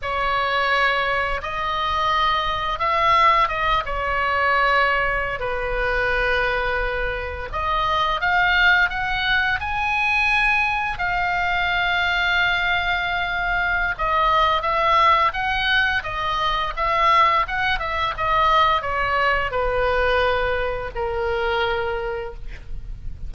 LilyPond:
\new Staff \with { instrumentName = "oboe" } { \time 4/4 \tempo 4 = 86 cis''2 dis''2 | e''4 dis''8 cis''2~ cis''16 b'16~ | b'2~ b'8. dis''4 f''16~ | f''8. fis''4 gis''2 f''16~ |
f''1 | dis''4 e''4 fis''4 dis''4 | e''4 fis''8 e''8 dis''4 cis''4 | b'2 ais'2 | }